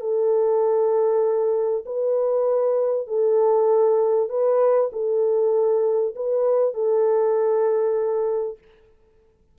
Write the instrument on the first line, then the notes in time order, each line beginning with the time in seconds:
horn
0.00 A4
1.85 B4
3.07 A4
4.29 B4
4.92 A4
6.15 B4
6.74 A4